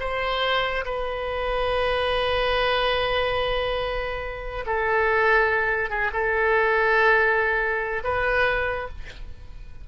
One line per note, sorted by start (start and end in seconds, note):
0.00 0.85 C5
0.85 4.65 B4
4.66 5.90 A4
5.90 6.11 G#4
6.13 8.03 A4
8.04 8.88 B4